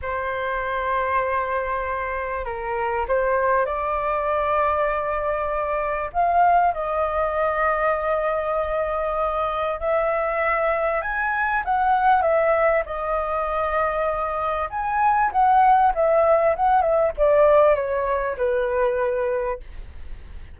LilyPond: \new Staff \with { instrumentName = "flute" } { \time 4/4 \tempo 4 = 98 c''1 | ais'4 c''4 d''2~ | d''2 f''4 dis''4~ | dis''1 |
e''2 gis''4 fis''4 | e''4 dis''2. | gis''4 fis''4 e''4 fis''8 e''8 | d''4 cis''4 b'2 | }